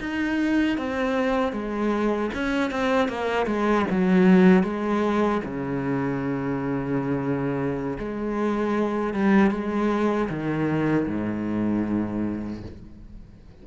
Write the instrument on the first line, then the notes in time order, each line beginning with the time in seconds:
cello
0.00 D#4
0.78 C4
1.52 G#3
2.34 C#4
2.71 C4
3.09 A#3
3.46 G#3
3.90 F#3
4.63 G#3
5.44 C#3
7.98 G#3
9.13 G3
9.51 G#3
10.29 D#3
11.07 G#2